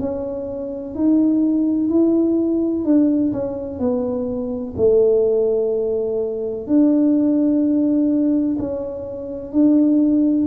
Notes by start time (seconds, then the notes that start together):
0.00 C#4
0.95 D#4
1.90 E4
2.85 D4
3.33 C#4
3.80 B3
4.77 A3
6.67 D4
8.59 C#4
9.53 D4